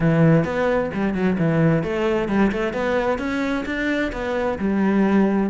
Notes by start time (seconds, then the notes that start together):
0.00 E3
0.44 B3
0.94 G3
1.14 F#3
1.38 E3
1.83 A3
2.28 G3
2.51 A3
2.73 B3
3.18 C#4
3.65 D4
4.12 B3
4.58 G3